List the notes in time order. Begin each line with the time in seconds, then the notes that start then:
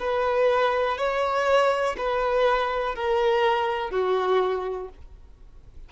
0.00 B4
0.97 C#5
1.98 B4
2.95 A#4
3.90 F#4